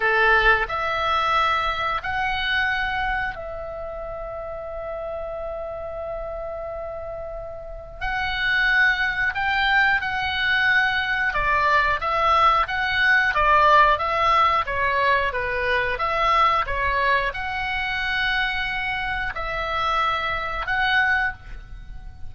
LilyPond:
\new Staff \with { instrumentName = "oboe" } { \time 4/4 \tempo 4 = 90 a'4 e''2 fis''4~ | fis''4 e''2.~ | e''1 | fis''2 g''4 fis''4~ |
fis''4 d''4 e''4 fis''4 | d''4 e''4 cis''4 b'4 | e''4 cis''4 fis''2~ | fis''4 e''2 fis''4 | }